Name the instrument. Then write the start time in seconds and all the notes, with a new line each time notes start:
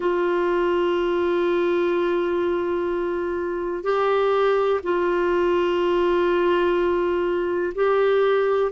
clarinet
0.00 F4
3.83 G4
4.83 F4
7.75 G4